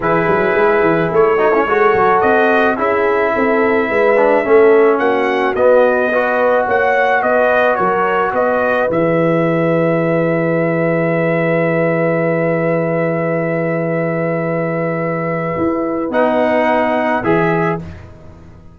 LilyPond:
<<
  \new Staff \with { instrumentName = "trumpet" } { \time 4/4 \tempo 4 = 108 b'2 cis''2 | dis''4 e''2.~ | e''4 fis''4 dis''2 | fis''4 dis''4 cis''4 dis''4 |
e''1~ | e''1~ | e''1~ | e''4 fis''2 e''4 | }
  \new Staff \with { instrumentName = "horn" } { \time 4/4 gis'2~ gis'8 fis'16 e'16 a'4~ | a'4 gis'4 a'4 b'4 | a'4 fis'2 b'4 | cis''4 b'4 ais'4 b'4~ |
b'1~ | b'1~ | b'1~ | b'1 | }
  \new Staff \with { instrumentName = "trombone" } { \time 4/4 e'2~ e'8 dis'16 cis'16 fis'4~ | fis'4 e'2~ e'8 d'8 | cis'2 b4 fis'4~ | fis'1 |
gis'1~ | gis'1~ | gis'1~ | gis'4 dis'2 gis'4 | }
  \new Staff \with { instrumentName = "tuba" } { \time 4/4 e8 fis8 gis8 e8 a4 gis8 fis8 | c'4 cis'4 c'4 gis4 | a4 ais4 b2 | ais4 b4 fis4 b4 |
e1~ | e1~ | e1 | e'4 b2 e4 | }
>>